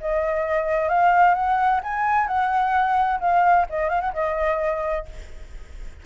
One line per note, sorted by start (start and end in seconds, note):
0.00 0.89 D#5
0.89 1.34 F5
1.34 1.80 F#5
1.83 2.27 G#5
2.27 3.19 F#5
3.20 3.66 F5
3.69 3.89 D#5
3.89 4.00 F5
4.00 4.12 F#5
4.13 5.05 D#5